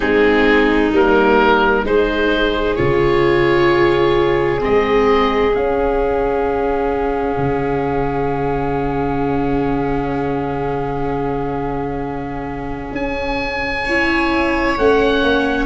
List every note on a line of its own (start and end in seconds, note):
0.00 0.91 G#3
0.00 0.92 C4
0.00 1.84 D#4
0.00 0.91 G#4
0.91 1.83 G3
0.91 1.84 A#3
0.91 1.86 A#4
1.84 2.76 G#3
1.84 2.77 D#4
1.84 13.84 G#4
1.84 2.75 C5
2.75 4.63 C#3
2.75 4.59 F4
2.75 4.60 C#5
4.59 5.55 G#3
4.59 5.51 C4
4.59 5.55 D#5
5.54 13.85 C#4
5.54 7.37 C#4
5.54 12.93 F5
7.37 12.91 C#3
12.92 14.76 C#4
12.92 14.78 G#5
13.84 14.78 E4
13.84 15.65 C#5
14.78 15.22 A3
14.78 15.65 C#4
14.78 15.65 F#5
15.22 15.65 A#3